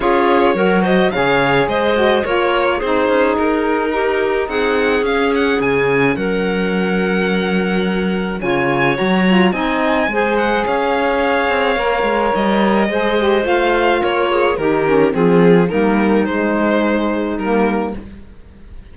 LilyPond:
<<
  \new Staff \with { instrumentName = "violin" } { \time 4/4 \tempo 4 = 107 cis''4. dis''8 f''4 dis''4 | cis''4 c''4 ais'2 | fis''4 f''8 fis''8 gis''4 fis''4~ | fis''2. gis''4 |
ais''4 gis''4. fis''8 f''4~ | f''2 dis''2 | f''4 cis''4 ais'4 gis'4 | ais'4 c''2 ais'4 | }
  \new Staff \with { instrumentName = "clarinet" } { \time 4/4 gis'4 ais'8 c''8 cis''4 c''4 | ais'4 gis'2 g'4 | gis'2. ais'4~ | ais'2. cis''4~ |
cis''4 dis''4 c''4 cis''4~ | cis''2. c''4~ | c''4 ais'8 gis'8 g'4 f'4 | dis'1 | }
  \new Staff \with { instrumentName = "saxophone" } { \time 4/4 f'4 fis'4 gis'4. fis'8 | f'4 dis'2.~ | dis'4 cis'2.~ | cis'2. f'4 |
fis'8 f'8 dis'4 gis'2~ | gis'4 ais'2 gis'8 g'8 | f'2 dis'8 cis'8 c'4 | ais4 gis2 ais4 | }
  \new Staff \with { instrumentName = "cello" } { \time 4/4 cis'4 fis4 cis4 gis4 | ais4 c'8 cis'8 dis'2 | c'4 cis'4 cis4 fis4~ | fis2. cis4 |
fis4 c'4 gis4 cis'4~ | cis'8 c'8 ais8 gis8 g4 gis4 | a4 ais4 dis4 f4 | g4 gis2 g4 | }
>>